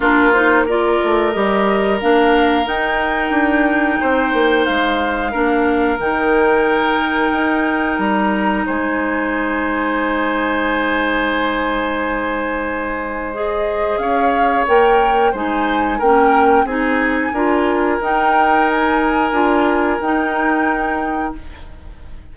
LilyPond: <<
  \new Staff \with { instrumentName = "flute" } { \time 4/4 \tempo 4 = 90 ais'8 c''8 d''4 dis''4 f''4 | g''2. f''4~ | f''4 g''2. | ais''4 gis''2.~ |
gis''1 | dis''4 f''4 g''4 gis''4 | g''4 gis''2 g''4 | gis''2 g''2 | }
  \new Staff \with { instrumentName = "oboe" } { \time 4/4 f'4 ais'2.~ | ais'2 c''2 | ais'1~ | ais'4 c''2.~ |
c''1~ | c''4 cis''2 c''4 | ais'4 gis'4 ais'2~ | ais'1 | }
  \new Staff \with { instrumentName = "clarinet" } { \time 4/4 d'8 dis'8 f'4 g'4 d'4 | dis'1 | d'4 dis'2.~ | dis'1~ |
dis'1 | gis'2 ais'4 dis'4 | cis'4 dis'4 f'4 dis'4~ | dis'4 f'4 dis'2 | }
  \new Staff \with { instrumentName = "bassoon" } { \time 4/4 ais4. a8 g4 ais4 | dis'4 d'4 c'8 ais8 gis4 | ais4 dis2 dis'4 | g4 gis2.~ |
gis1~ | gis4 cis'4 ais4 gis4 | ais4 c'4 d'4 dis'4~ | dis'4 d'4 dis'2 | }
>>